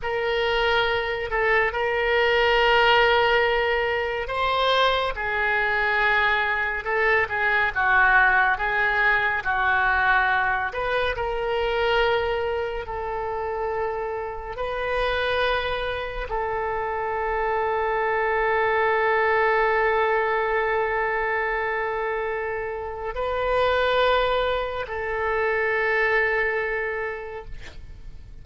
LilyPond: \new Staff \with { instrumentName = "oboe" } { \time 4/4 \tempo 4 = 70 ais'4. a'8 ais'2~ | ais'4 c''4 gis'2 | a'8 gis'8 fis'4 gis'4 fis'4~ | fis'8 b'8 ais'2 a'4~ |
a'4 b'2 a'4~ | a'1~ | a'2. b'4~ | b'4 a'2. | }